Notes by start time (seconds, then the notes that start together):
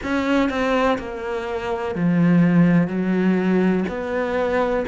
0.03 C#4
0.49 C4
0.98 A#3
1.95 F3
2.87 F#3
3.88 B3